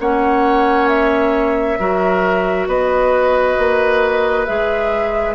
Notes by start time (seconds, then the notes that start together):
0.00 A#3 C#4 C#5 F#5
0.89 E5
1.79 F#3 F#4 A#4
2.67 B3 B4 D#5
3.59 A#3
4.46 G#3 G#4 E5